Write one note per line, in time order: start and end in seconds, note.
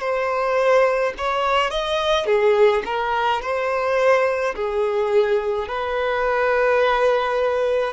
0.00 1.13 C5
1.18 1.70 C#5
1.70 2.26 D#5
2.26 2.83 G#4
2.85 3.42 A#4
3.42 4.55 C5
4.55 5.68 G#4
5.68 7.93 B4